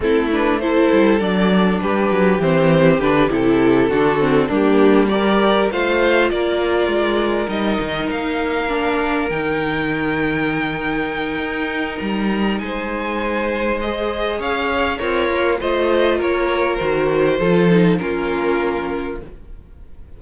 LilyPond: <<
  \new Staff \with { instrumentName = "violin" } { \time 4/4 \tempo 4 = 100 a'8 b'8 c''4 d''4 b'4 | c''4 b'8 a'2 g'8~ | g'8 d''4 f''4 d''4.~ | d''8 dis''4 f''2 g''8~ |
g''1 | ais''4 gis''2 dis''4 | f''4 cis''4 dis''4 cis''4 | c''2 ais'2 | }
  \new Staff \with { instrumentName = "violin" } { \time 4/4 e'4 a'2 g'4~ | g'2~ g'8 fis'4 d'8~ | d'8 ais'4 c''4 ais'4.~ | ais'1~ |
ais'1~ | ais'4 c''2. | cis''4 f'4 c''4 ais'4~ | ais'4 a'4 f'2 | }
  \new Staff \with { instrumentName = "viola" } { \time 4/4 c'8 d'8 e'4 d'2 | c'4 d'8 e'4 d'8 c'8 ais8~ | ais8 g'4 f'2~ f'8~ | f'8 dis'2 d'4 dis'8~ |
dis'1~ | dis'2. gis'4~ | gis'4 ais'4 f'2 | fis'4 f'8 dis'8 cis'2 | }
  \new Staff \with { instrumentName = "cello" } { \time 4/4 a4. g8 fis4 g8 fis8 | e4 d8 c4 d4 g8~ | g4. a4 ais4 gis8~ | gis8 g8 dis8 ais2 dis8~ |
dis2. dis'4 | g4 gis2. | cis'4 c'8 ais8 a4 ais4 | dis4 f4 ais2 | }
>>